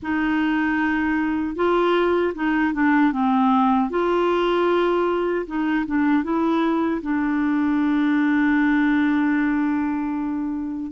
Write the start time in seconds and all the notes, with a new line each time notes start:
0.02 D#4
1.55 F4
2.34 D#4
2.73 D4
3.12 C4
3.90 F4
5.46 D#4
5.86 D4
6.23 E4
7.02 D4